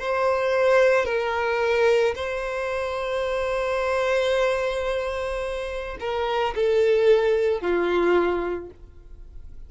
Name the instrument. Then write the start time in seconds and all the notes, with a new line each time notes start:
violin
0.00 C5
1.05 A#4
2.15 C5
6.00 A#4
6.56 A4
7.61 F4